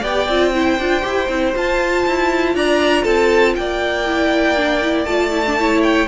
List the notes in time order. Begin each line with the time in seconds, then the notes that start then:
0.00 B3 G4 D5 G5
0.28 C4 F4
0.54 E4 C5
0.79 D4 F4
1.02 E4 G4
1.29 C4 E4
1.55 F4 A5
2.07 E4
2.55 D4 D5 A#5
3.03 C4 A4 A5
3.56 A#3 D5 G5
4.07 E4
4.57 D4
4.82 E4
5.05 A3 F4 A5
5.32 E4
5.47 D4
5.59 E4 C#5
5.83 G5